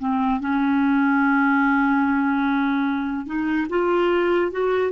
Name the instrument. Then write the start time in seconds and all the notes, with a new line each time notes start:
clarinet
0.00 C4
0.41 C#4
3.27 D#4
3.70 F4
4.52 F#4